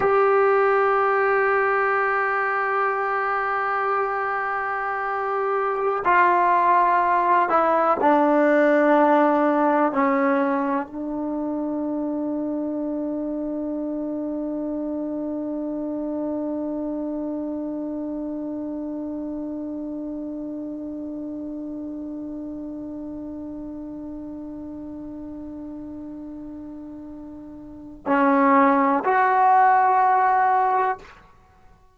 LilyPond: \new Staff \with { instrumentName = "trombone" } { \time 4/4 \tempo 4 = 62 g'1~ | g'2~ g'16 f'4. e'16~ | e'16 d'2 cis'4 d'8.~ | d'1~ |
d'1~ | d'1~ | d'1~ | d'4 cis'4 fis'2 | }